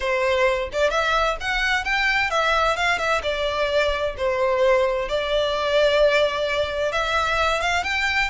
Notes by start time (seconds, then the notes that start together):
0.00 C5
0.72 D5
0.90 E5
1.40 F#5
1.84 G5
2.30 E5
2.76 F5
2.98 E5
3.23 D5
4.17 C5
5.09 D5
6.91 E5
7.60 F5
7.83 G5